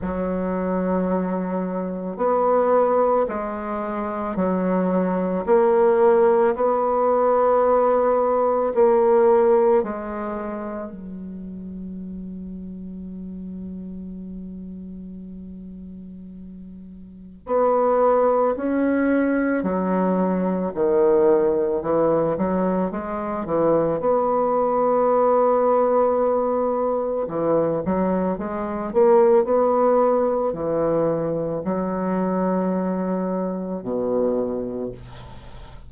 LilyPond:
\new Staff \with { instrumentName = "bassoon" } { \time 4/4 \tempo 4 = 55 fis2 b4 gis4 | fis4 ais4 b2 | ais4 gis4 fis2~ | fis1 |
b4 cis'4 fis4 dis4 | e8 fis8 gis8 e8 b2~ | b4 e8 fis8 gis8 ais8 b4 | e4 fis2 b,4 | }